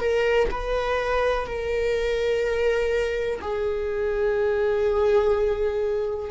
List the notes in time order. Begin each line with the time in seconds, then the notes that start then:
0.00 A#4
0.51 B4
1.47 A#4
3.42 G#4